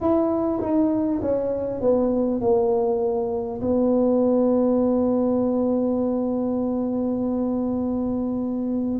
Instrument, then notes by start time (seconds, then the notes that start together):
tuba
0.00 E4
0.61 D#4
1.21 C#4
1.80 B3
2.41 A#3
3.61 B3